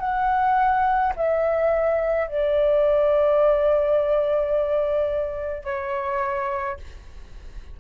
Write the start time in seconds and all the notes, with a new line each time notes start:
0.00 F#5
1.16 E5
2.28 D5
5.64 C#5